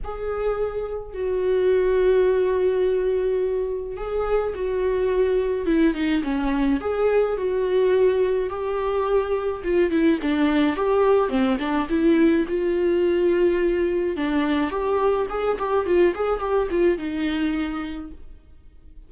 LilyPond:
\new Staff \with { instrumentName = "viola" } { \time 4/4 \tempo 4 = 106 gis'2 fis'2~ | fis'2. gis'4 | fis'2 e'8 dis'8 cis'4 | gis'4 fis'2 g'4~ |
g'4 f'8 e'8 d'4 g'4 | c'8 d'8 e'4 f'2~ | f'4 d'4 g'4 gis'8 g'8 | f'8 gis'8 g'8 f'8 dis'2 | }